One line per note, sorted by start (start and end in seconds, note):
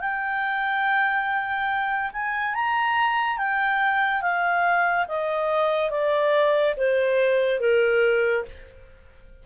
0.00 2.11 G5
2.12 2.55 G#5
2.55 3.38 A#5
3.38 4.22 G5
4.22 5.06 F5
5.08 5.90 D#5
5.90 6.75 D5
6.77 7.60 C5
7.60 8.45 A#4